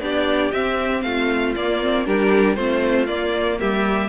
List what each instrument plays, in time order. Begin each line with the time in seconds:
0.00 cello B3, viola D4, violin G4 D5
0.51 cello C4, viola C4, violin E5
1.01 cello A3, violin F4 F5
1.55 viola A#3, cello A#3, violin D5
1.81 viola C4
2.05 cello G3, viola D4, violin G4 A#4
2.55 cello A3, viola C4, violin F4 C5
3.07 viola A#3, cello A#3, violin D5
3.59 cello G3, violin G4 E5